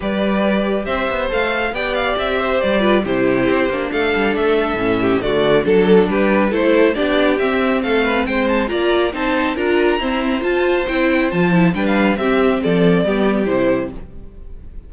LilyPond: <<
  \new Staff \with { instrumentName = "violin" } { \time 4/4 \tempo 4 = 138 d''2 e''4 f''4 | g''8 f''8 e''4 d''4 c''4~ | c''4 f''4 e''2 | d''4 a'4 b'4 c''4 |
d''4 e''4 f''4 g''8 a''8 | ais''4 a''4 ais''2 | a''4 g''4 a''4 g''16 f''8. | e''4 d''2 c''4 | }
  \new Staff \with { instrumentName = "violin" } { \time 4/4 b'2 c''2 | d''4. c''4 b'8 g'4~ | g'4 a'2~ a'8 g'8 | fis'4 a'4 g'4 a'4 |
g'2 a'8 b'8 c''4 | d''4 c''4 ais'4 c''4~ | c''2. b'4 | g'4 a'4 g'2 | }
  \new Staff \with { instrumentName = "viola" } { \time 4/4 g'2. a'4 | g'2~ g'8 f'8 e'4~ | e'8 d'2~ d'8 cis'4 | a4 d'2 e'4 |
d'4 c'2. | f'4 dis'4 f'4 c'4 | f'4 e'4 f'8 e'8 d'4 | c'2 b4 e'4 | }
  \new Staff \with { instrumentName = "cello" } { \time 4/4 g2 c'8 b8 a4 | b4 c'4 g4 c4 | c'8 ais8 a8 g8 a4 a,4 | d4 fis4 g4 a4 |
b4 c'4 a4 gis4 | ais4 c'4 d'4 e'4 | f'4 c'4 f4 g4 | c'4 f4 g4 c4 | }
>>